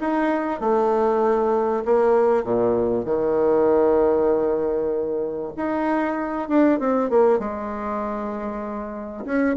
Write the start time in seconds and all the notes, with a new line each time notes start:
0.00 D#4
0.60 A3
1.85 A#3
2.44 A#2
3.05 D#3
5.57 D#4
6.49 D4
6.79 C4
7.10 A#3
7.39 G#3
9.25 C#4